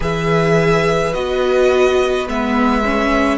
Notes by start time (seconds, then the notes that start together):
0.00 E3 G#4 B4 E5
1.13 B3 F#4 D#5
2.27 G#3 B3 E5
2.84 C#4